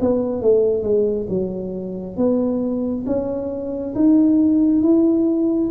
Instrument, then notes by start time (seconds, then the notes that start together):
tuba
0.00 B3
0.41 A3
0.82 G#3
1.29 F#3
2.16 B3
3.06 C#4
3.94 D#4
4.82 E4